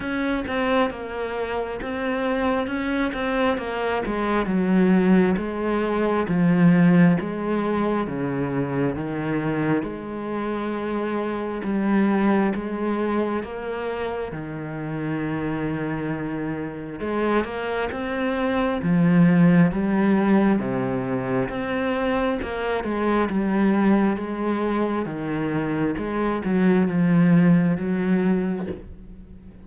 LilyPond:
\new Staff \with { instrumentName = "cello" } { \time 4/4 \tempo 4 = 67 cis'8 c'8 ais4 c'4 cis'8 c'8 | ais8 gis8 fis4 gis4 f4 | gis4 cis4 dis4 gis4~ | gis4 g4 gis4 ais4 |
dis2. gis8 ais8 | c'4 f4 g4 c4 | c'4 ais8 gis8 g4 gis4 | dis4 gis8 fis8 f4 fis4 | }